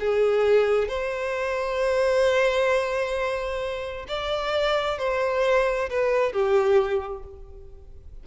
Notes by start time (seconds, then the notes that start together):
0.00 G#4
0.88 C5
4.08 D5
4.99 C5
5.90 B4
6.33 G4